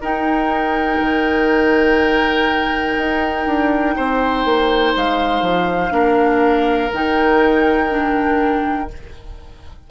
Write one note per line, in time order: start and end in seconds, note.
0.00 0.98 D#4
0.00 5.90 D#4
0.00 3.94 A#4
0.00 4.95 G5
1.00 2.97 D#3
2.97 3.46 D#4
3.46 3.95 D4
3.96 4.44 C4
3.96 5.93 C5
4.44 4.94 A#3
4.95 5.41 G#3
4.95 6.93 F5
5.41 5.90 F3
5.90 6.89 A#3
5.90 6.89 D4
5.90 8.89 A#4
6.92 8.89 D#3
6.92 7.89 D#4
6.92 8.90 G5
7.89 8.88 D4